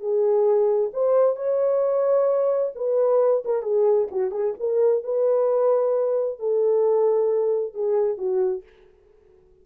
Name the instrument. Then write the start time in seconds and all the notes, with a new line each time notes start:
horn
0.00 G#4
0.93 C5
1.36 C#5
2.75 B4
3.45 A#4
3.62 G#4
4.11 F#4
4.31 G#4
4.60 A#4
5.04 B4
6.39 A4
7.74 G#4
8.18 F#4